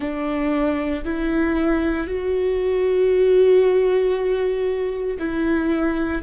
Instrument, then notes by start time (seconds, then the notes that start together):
viola
0.00 D4
1.04 E4
2.07 F#4
5.18 E4